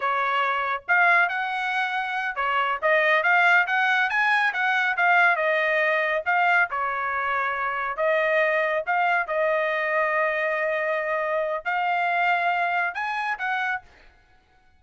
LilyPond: \new Staff \with { instrumentName = "trumpet" } { \time 4/4 \tempo 4 = 139 cis''2 f''4 fis''4~ | fis''4. cis''4 dis''4 f''8~ | f''8 fis''4 gis''4 fis''4 f''8~ | f''8 dis''2 f''4 cis''8~ |
cis''2~ cis''8 dis''4.~ | dis''8 f''4 dis''2~ dis''8~ | dis''2. f''4~ | f''2 gis''4 fis''4 | }